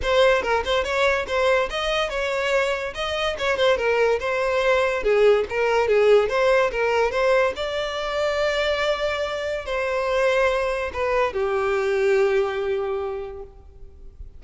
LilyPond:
\new Staff \with { instrumentName = "violin" } { \time 4/4 \tempo 4 = 143 c''4 ais'8 c''8 cis''4 c''4 | dis''4 cis''2 dis''4 | cis''8 c''8 ais'4 c''2 | gis'4 ais'4 gis'4 c''4 |
ais'4 c''4 d''2~ | d''2. c''4~ | c''2 b'4 g'4~ | g'1 | }